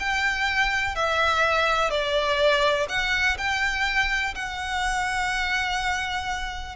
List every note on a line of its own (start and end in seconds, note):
0.00 0.95 G5
0.95 1.90 E5
1.90 2.87 D5
2.89 3.37 F#5
3.38 4.35 G5
4.35 6.76 F#5